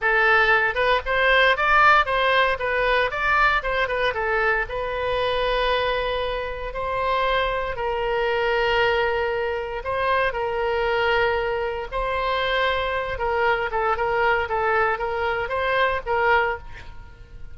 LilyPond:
\new Staff \with { instrumentName = "oboe" } { \time 4/4 \tempo 4 = 116 a'4. b'8 c''4 d''4 | c''4 b'4 d''4 c''8 b'8 | a'4 b'2.~ | b'4 c''2 ais'4~ |
ais'2. c''4 | ais'2. c''4~ | c''4. ais'4 a'8 ais'4 | a'4 ais'4 c''4 ais'4 | }